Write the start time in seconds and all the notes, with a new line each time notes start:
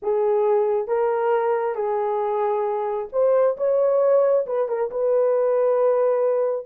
0.02 G#4
0.87 A#4
1.75 G#4
3.12 C5
3.57 C#5
4.46 B4
4.68 A#4
4.90 B4